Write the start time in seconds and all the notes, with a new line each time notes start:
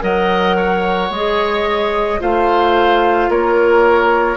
0.00 F#3 A#4 D#5 F#5
0.57 C#5
1.10 G#3 G#4 D#5
2.19 A3 F4 C5 F5
3.29 A#3 A#4 C#5